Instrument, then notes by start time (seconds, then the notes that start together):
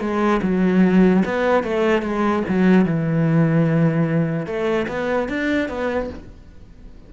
cello
0.00 G#3
0.42 F#3
1.25 B3
1.63 A3
2.02 G#3
2.49 F#3
2.86 E3
4.46 A3
4.88 B3
5.29 D4
5.69 B3